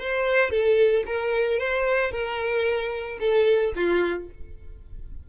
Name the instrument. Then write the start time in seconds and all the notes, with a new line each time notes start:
violin
0.00 C5
0.50 A4
1.06 A#4
1.59 C5
2.12 A#4
3.20 A4
3.76 F4